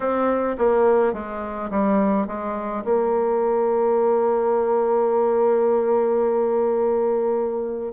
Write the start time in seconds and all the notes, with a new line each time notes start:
0.00 C4
0.57 A#3
1.13 G#3
1.70 G3
2.27 G#3
2.84 A#3